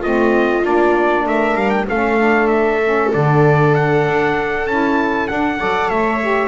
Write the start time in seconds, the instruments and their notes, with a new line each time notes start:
0.00 double bass A3, saxophone C4, viola F4, trumpet D#5
0.62 double bass A#3, saxophone D4, trumpet D5
1.26 double bass A3, viola A#4, trumpet E5
1.55 double bass G3, trumpet F5
1.69 trumpet G5
1.89 double bass A3, saxophone C#4, viola A4, trumpet F5
2.18 saxophone D4
2.47 trumpet E5
2.84 saxophone C#4
3.13 double bass D3, saxophone D4, trumpet D5
3.75 trumpet F#5
4.07 double bass D4
4.66 double bass C#4, saxophone E4, trumpet A5
5.28 saxophone D4, double bass D4, trumpet F#5
5.58 double bass F#3, saxophone A4, viola D5
5.88 double bass A3, viola C#5, trumpet E5
6.21 saxophone G4